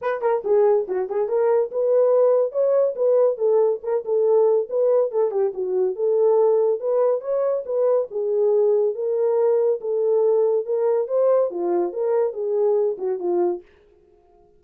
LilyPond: \new Staff \with { instrumentName = "horn" } { \time 4/4 \tempo 4 = 141 b'8 ais'8 gis'4 fis'8 gis'8 ais'4 | b'2 cis''4 b'4 | a'4 ais'8 a'4. b'4 | a'8 g'8 fis'4 a'2 |
b'4 cis''4 b'4 gis'4~ | gis'4 ais'2 a'4~ | a'4 ais'4 c''4 f'4 | ais'4 gis'4. fis'8 f'4 | }